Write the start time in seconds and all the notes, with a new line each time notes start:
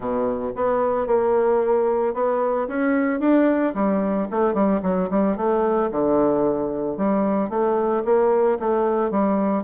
0.00 B2
0.55 B3
1.07 A#3
2.14 B3
2.68 C#4
3.20 D4
3.74 G3
4.30 A3
4.54 G3
4.82 F#3
5.10 G3
5.36 A3
5.91 D3
6.97 G3
7.49 A3
8.04 A#3
8.59 A3
9.10 G3